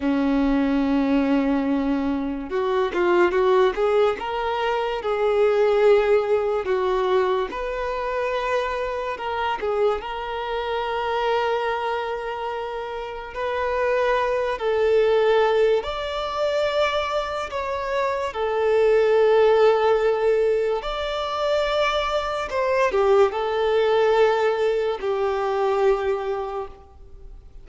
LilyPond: \new Staff \with { instrumentName = "violin" } { \time 4/4 \tempo 4 = 72 cis'2. fis'8 f'8 | fis'8 gis'8 ais'4 gis'2 | fis'4 b'2 ais'8 gis'8 | ais'1 |
b'4. a'4. d''4~ | d''4 cis''4 a'2~ | a'4 d''2 c''8 g'8 | a'2 g'2 | }